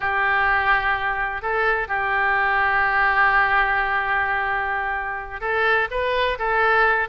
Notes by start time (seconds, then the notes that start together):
0.00 G4
1.42 A4
1.87 G4
5.40 A4
5.90 B4
6.38 A4